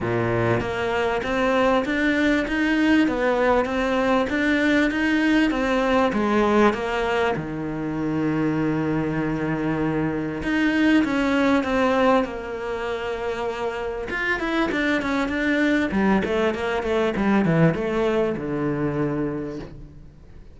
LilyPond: \new Staff \with { instrumentName = "cello" } { \time 4/4 \tempo 4 = 98 ais,4 ais4 c'4 d'4 | dis'4 b4 c'4 d'4 | dis'4 c'4 gis4 ais4 | dis1~ |
dis4 dis'4 cis'4 c'4 | ais2. f'8 e'8 | d'8 cis'8 d'4 g8 a8 ais8 a8 | g8 e8 a4 d2 | }